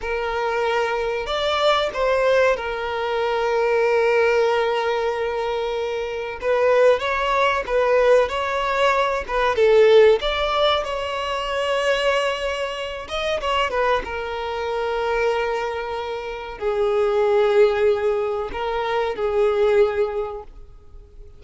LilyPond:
\new Staff \with { instrumentName = "violin" } { \time 4/4 \tempo 4 = 94 ais'2 d''4 c''4 | ais'1~ | ais'2 b'4 cis''4 | b'4 cis''4. b'8 a'4 |
d''4 cis''2.~ | cis''8 dis''8 cis''8 b'8 ais'2~ | ais'2 gis'2~ | gis'4 ais'4 gis'2 | }